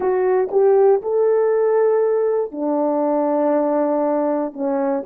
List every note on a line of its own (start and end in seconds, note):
0.00 0.49 F#4
0.51 1.01 G4
1.02 2.51 A4
2.51 4.53 D4
4.53 5.03 C#4